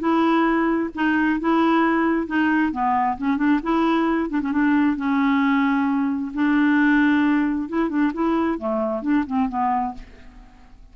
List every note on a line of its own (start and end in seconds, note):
0.00 0.90 E4
0.96 1.40 D#4
1.40 2.27 E4
2.27 2.73 D#4
2.73 3.18 B3
3.18 3.38 C#4
3.38 3.60 D4
3.63 4.30 E4
4.30 4.41 D4
4.42 4.52 C#4
4.52 4.97 D4
4.97 6.32 C#4
6.34 7.69 D4
7.69 7.90 E4
7.90 8.12 D4
8.14 8.59 E4
8.59 9.02 A3
9.02 9.25 D4
9.27 9.49 C4
9.49 9.95 B3